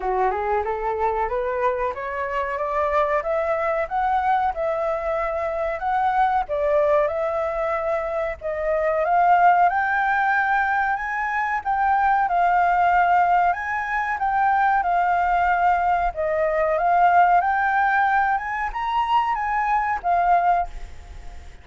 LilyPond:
\new Staff \with { instrumentName = "flute" } { \time 4/4 \tempo 4 = 93 fis'8 gis'8 a'4 b'4 cis''4 | d''4 e''4 fis''4 e''4~ | e''4 fis''4 d''4 e''4~ | e''4 dis''4 f''4 g''4~ |
g''4 gis''4 g''4 f''4~ | f''4 gis''4 g''4 f''4~ | f''4 dis''4 f''4 g''4~ | g''8 gis''8 ais''4 gis''4 f''4 | }